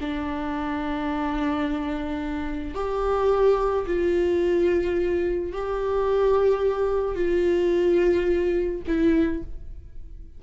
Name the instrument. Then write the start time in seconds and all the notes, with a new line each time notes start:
viola
0.00 D4
2.74 G4
3.86 F4
5.52 G4
7.15 F4
8.87 E4